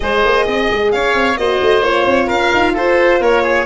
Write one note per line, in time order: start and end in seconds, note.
0.00 0.24 G#3
0.00 1.37 G#4
0.00 0.45 C5
0.00 0.91 D#5
0.24 0.47 A#3
0.45 0.69 C4
0.45 0.91 D#5
0.70 0.93 G#3
0.91 1.14 C#4
0.91 1.39 C#5
0.91 1.37 F5
1.14 1.36 C4
1.36 1.59 A#3
1.36 1.83 F#4
1.36 2.27 C5
1.36 1.82 D#5
1.61 1.82 A3
1.82 2.05 A#3
1.82 3.66 F4
1.82 2.28 C#5
2.06 2.29 C4
2.27 2.52 C#4
2.27 2.72 A#4
2.27 2.74 F5
2.53 2.74 D#4
2.73 3.20 F4
2.73 3.19 A4
2.73 3.22 C5
3.20 3.66 A#3
3.20 3.42 A#4
3.20 3.66 C#5
3.42 3.65 G#4